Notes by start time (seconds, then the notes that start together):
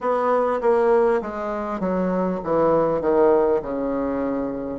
0.01 B3
0.61 A#3
1.21 G#3
1.80 F#3
2.43 E3
3.01 D#3
3.62 C#3